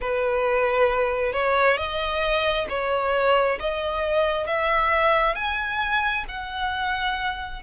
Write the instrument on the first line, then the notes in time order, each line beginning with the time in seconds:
violin
0.00 B4
1.32 C#5
1.77 D#5
2.69 C#5
3.59 D#5
4.47 E5
5.35 G#5
6.28 F#5